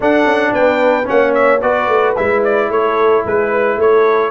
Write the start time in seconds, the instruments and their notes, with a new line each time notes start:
0.00 tuba D4, trombone D4, horn A4, trumpet F#5
0.24 tuba C#4
0.52 tuba B3, horn B4, trumpet G5
1.04 tuba A#3, trombone C#4, horn C#5, trumpet F#5
1.34 trumpet E5
1.61 tuba B3, trombone F#4, horn B4, trumpet D5
1.87 tuba A3
2.16 tuba G#3, trombone E4, trumpet E5
2.44 trumpet D5
2.69 tuba A3, horn A4, trumpet C#5
3.25 tuba G#3, horn G#4, trumpet B4
3.50 horn B4
3.76 tuba A3, horn A4, trumpet C#5